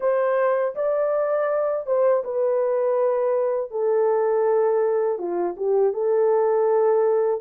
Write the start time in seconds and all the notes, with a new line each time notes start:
0.00 C5
0.75 D5
1.86 C5
2.24 B4
3.70 A4
5.18 F4
5.57 G4
5.93 A4